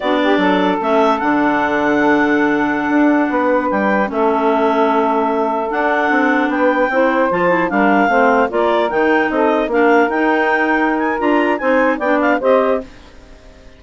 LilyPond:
<<
  \new Staff \with { instrumentName = "clarinet" } { \time 4/4 \tempo 4 = 150 d''2 e''4 fis''4~ | fis''1~ | fis''4~ fis''16 g''4 e''4.~ e''16~ | e''2~ e''16 fis''4.~ fis''16~ |
fis''16 g''2 a''4 f''8.~ | f''4~ f''16 d''4 g''4 dis''8.~ | dis''16 f''4 g''2~ g''16 gis''8 | ais''4 gis''4 g''8 f''8 dis''4 | }
  \new Staff \with { instrumentName = "saxophone" } { \time 4/4 fis'8 g'8 a'2.~ | a'1~ | a'16 b'2 a'4.~ a'16~ | a'1~ |
a'16 b'4 c''2 ais'8.~ | ais'16 c''4 ais'2 a'8.~ | a'16 ais'2.~ ais'8.~ | ais'4 c''4 d''4 c''4 | }
  \new Staff \with { instrumentName = "clarinet" } { \time 4/4 d'2 cis'4 d'4~ | d'1~ | d'2~ d'16 cis'4.~ cis'16~ | cis'2~ cis'16 d'4.~ d'16~ |
d'4~ d'16 e'4 f'8 e'8 d'8.~ | d'16 c'4 f'4 dis'4.~ dis'16~ | dis'16 d'4 dis'2~ dis'8. | f'4 dis'4 d'4 g'4 | }
  \new Staff \with { instrumentName = "bassoon" } { \time 4/4 b4 fis4 a4 d4~ | d2.~ d16 d'8.~ | d'16 b4 g4 a4.~ a16~ | a2~ a16 d'4 c'8.~ |
c'16 b4 c'4 f4 g8.~ | g16 a4 ais4 dis4 c'8.~ | c'16 ais4 dis'2~ dis'8. | d'4 c'4 b4 c'4 | }
>>